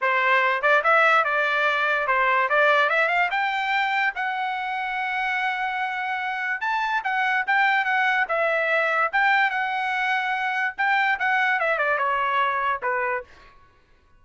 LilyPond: \new Staff \with { instrumentName = "trumpet" } { \time 4/4 \tempo 4 = 145 c''4. d''8 e''4 d''4~ | d''4 c''4 d''4 e''8 f''8 | g''2 fis''2~ | fis''1 |
a''4 fis''4 g''4 fis''4 | e''2 g''4 fis''4~ | fis''2 g''4 fis''4 | e''8 d''8 cis''2 b'4 | }